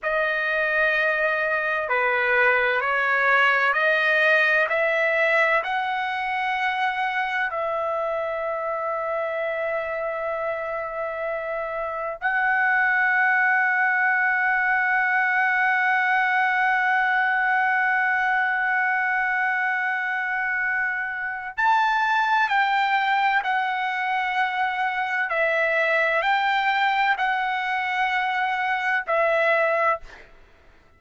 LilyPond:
\new Staff \with { instrumentName = "trumpet" } { \time 4/4 \tempo 4 = 64 dis''2 b'4 cis''4 | dis''4 e''4 fis''2 | e''1~ | e''4 fis''2.~ |
fis''1~ | fis''2. a''4 | g''4 fis''2 e''4 | g''4 fis''2 e''4 | }